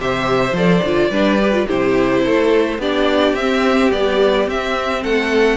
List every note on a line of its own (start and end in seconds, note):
0.00 0.53 C3
0.00 0.56 G4
0.00 1.11 C5
0.00 0.57 E5
0.53 0.81 F3
0.53 0.84 A4
0.53 1.69 D5
0.83 1.10 D3
0.83 1.12 F4
1.10 1.66 G3
1.10 1.40 D4
1.10 1.67 B4
1.42 1.53 G4
1.53 1.67 F4
1.67 2.26 C3
1.67 2.80 E4
1.67 2.23 G4
1.67 2.81 C5
2.24 2.79 A3
2.24 2.80 A4
2.79 3.34 B3
2.79 3.37 D4
2.79 5.03 G4
2.79 3.36 D5
3.34 3.90 C4
3.34 3.92 E5
3.40 3.92 C4
3.92 4.48 G3
3.92 4.48 B3
3.92 4.49 D5
4.48 5.58 C4
4.48 5.04 C4
4.48 5.04 E5
5.03 5.58 A3
5.03 5.58 A4
5.03 5.58 F#5